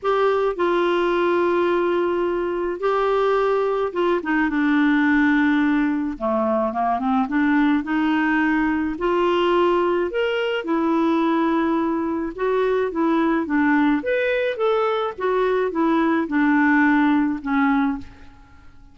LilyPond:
\new Staff \with { instrumentName = "clarinet" } { \time 4/4 \tempo 4 = 107 g'4 f'2.~ | f'4 g'2 f'8 dis'8 | d'2. a4 | ais8 c'8 d'4 dis'2 |
f'2 ais'4 e'4~ | e'2 fis'4 e'4 | d'4 b'4 a'4 fis'4 | e'4 d'2 cis'4 | }